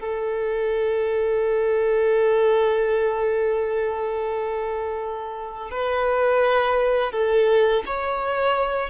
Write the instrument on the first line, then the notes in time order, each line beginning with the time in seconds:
violin
0.00 A4
5.71 B4
7.13 A4
7.87 C#5